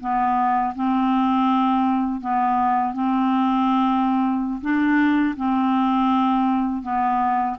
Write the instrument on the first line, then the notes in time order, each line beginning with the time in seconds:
clarinet
0.00 B3
0.75 C4
2.21 B3
2.94 C4
4.61 D4
5.36 C4
6.82 B3